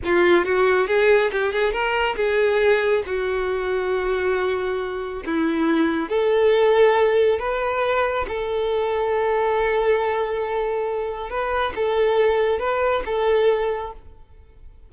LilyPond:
\new Staff \with { instrumentName = "violin" } { \time 4/4 \tempo 4 = 138 f'4 fis'4 gis'4 g'8 gis'8 | ais'4 gis'2 fis'4~ | fis'1 | e'2 a'2~ |
a'4 b'2 a'4~ | a'1~ | a'2 b'4 a'4~ | a'4 b'4 a'2 | }